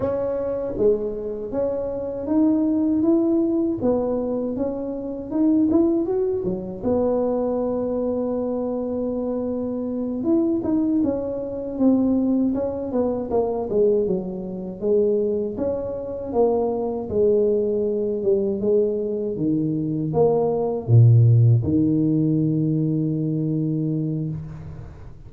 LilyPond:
\new Staff \with { instrumentName = "tuba" } { \time 4/4 \tempo 4 = 79 cis'4 gis4 cis'4 dis'4 | e'4 b4 cis'4 dis'8 e'8 | fis'8 fis8 b2.~ | b4. e'8 dis'8 cis'4 c'8~ |
c'8 cis'8 b8 ais8 gis8 fis4 gis8~ | gis8 cis'4 ais4 gis4. | g8 gis4 dis4 ais4 ais,8~ | ais,8 dis2.~ dis8 | }